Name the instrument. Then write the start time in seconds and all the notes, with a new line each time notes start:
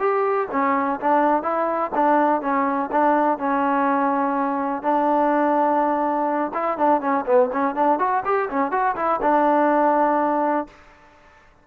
trombone
0.00 G4
0.52 C#4
1.01 D4
1.43 E4
1.95 D4
2.42 C#4
2.92 D4
3.39 C#4
4.83 D4
6.54 E4
6.78 D4
7.01 C#4
7.26 B3
7.53 C#4
7.76 D4
8.00 F#4
8.25 G4
8.51 C#4
8.72 F#4
8.96 E4
9.22 D4